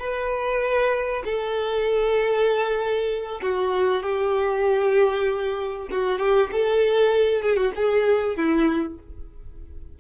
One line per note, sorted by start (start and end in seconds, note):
0.00 1.23 B4
1.25 3.42 A4
3.43 4.03 F#4
4.03 5.89 G4
5.92 6.20 F#4
6.20 6.51 G4
6.53 7.43 A4
7.43 7.57 G#4
7.57 7.72 F#4
7.76 8.37 G#4
8.37 8.99 E4